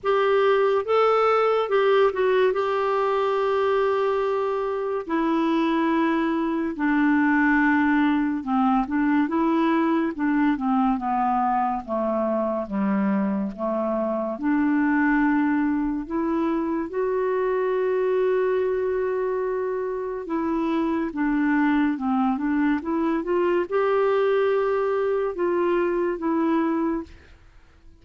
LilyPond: \new Staff \with { instrumentName = "clarinet" } { \time 4/4 \tempo 4 = 71 g'4 a'4 g'8 fis'8 g'4~ | g'2 e'2 | d'2 c'8 d'8 e'4 | d'8 c'8 b4 a4 g4 |
a4 d'2 e'4 | fis'1 | e'4 d'4 c'8 d'8 e'8 f'8 | g'2 f'4 e'4 | }